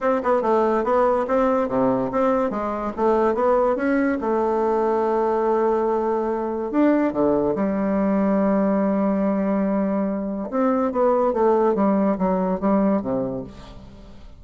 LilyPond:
\new Staff \with { instrumentName = "bassoon" } { \time 4/4 \tempo 4 = 143 c'8 b8 a4 b4 c'4 | c4 c'4 gis4 a4 | b4 cis'4 a2~ | a1 |
d'4 d4 g2~ | g1~ | g4 c'4 b4 a4 | g4 fis4 g4 c4 | }